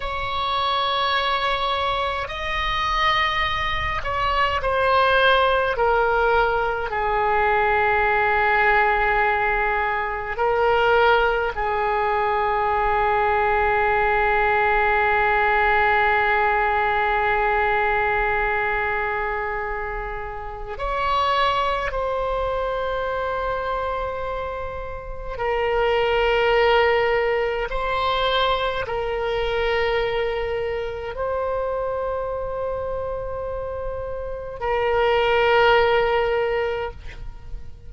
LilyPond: \new Staff \with { instrumentName = "oboe" } { \time 4/4 \tempo 4 = 52 cis''2 dis''4. cis''8 | c''4 ais'4 gis'2~ | gis'4 ais'4 gis'2~ | gis'1~ |
gis'2 cis''4 c''4~ | c''2 ais'2 | c''4 ais'2 c''4~ | c''2 ais'2 | }